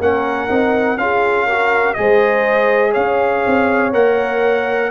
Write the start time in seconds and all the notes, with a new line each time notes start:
0.00 A#3 C#4 A#4 F#5
0.49 C4 D#4
0.97 C#4 F4 G#4 F5
1.46 F#4 A#4
1.94 G#3 G#4 C5 D#5
2.92 C#4 C#5 F5
3.47 C4
3.93 A#3 A#4 F#5